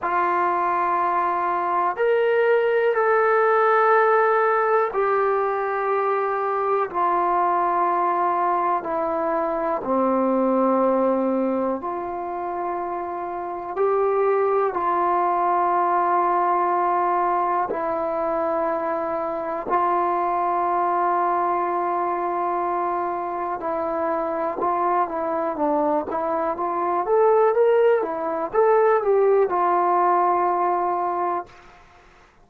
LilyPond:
\new Staff \with { instrumentName = "trombone" } { \time 4/4 \tempo 4 = 61 f'2 ais'4 a'4~ | a'4 g'2 f'4~ | f'4 e'4 c'2 | f'2 g'4 f'4~ |
f'2 e'2 | f'1 | e'4 f'8 e'8 d'8 e'8 f'8 a'8 | ais'8 e'8 a'8 g'8 f'2 | }